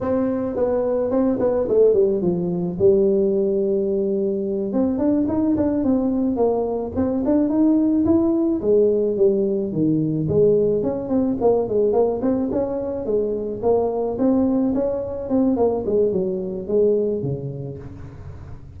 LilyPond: \new Staff \with { instrumentName = "tuba" } { \time 4/4 \tempo 4 = 108 c'4 b4 c'8 b8 a8 g8 | f4 g2.~ | g8 c'8 d'8 dis'8 d'8 c'4 ais8~ | ais8 c'8 d'8 dis'4 e'4 gis8~ |
gis8 g4 dis4 gis4 cis'8 | c'8 ais8 gis8 ais8 c'8 cis'4 gis8~ | gis8 ais4 c'4 cis'4 c'8 | ais8 gis8 fis4 gis4 cis4 | }